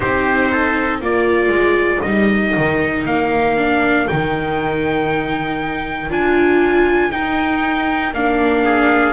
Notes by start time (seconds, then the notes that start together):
0.00 C4 D#4 G4 C5
0.52 A4
1.00 A#3 F4 A#4 D5
1.48 G#3
2.01 G3 D#4 D#5
2.56 D#3
3.05 A#3 F5
3.57 D4
4.07 D#3 D#4 G5
6.09 D4 F4 G#5
7.11 D#4 G5
8.13 A#3 D4 F5
8.64 G#4